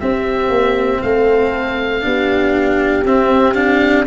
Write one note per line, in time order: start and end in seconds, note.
0.00 2.01 C4
0.00 0.49 C4
0.00 1.02 G4
0.00 1.01 E5
0.49 1.00 A#3
1.01 2.04 A3
1.01 2.04 A4
1.01 3.05 F5
2.01 3.05 B3
2.01 3.03 D4
2.01 4.07 G4
3.05 4.07 C4
3.05 3.54 C4
3.05 3.54 E5
3.54 4.05 D4
3.54 4.05 F5